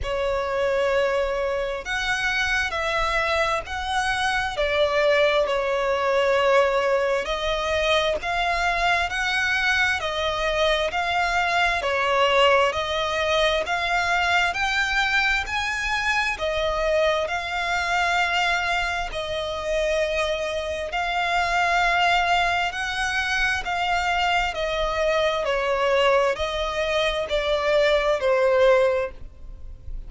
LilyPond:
\new Staff \with { instrumentName = "violin" } { \time 4/4 \tempo 4 = 66 cis''2 fis''4 e''4 | fis''4 d''4 cis''2 | dis''4 f''4 fis''4 dis''4 | f''4 cis''4 dis''4 f''4 |
g''4 gis''4 dis''4 f''4~ | f''4 dis''2 f''4~ | f''4 fis''4 f''4 dis''4 | cis''4 dis''4 d''4 c''4 | }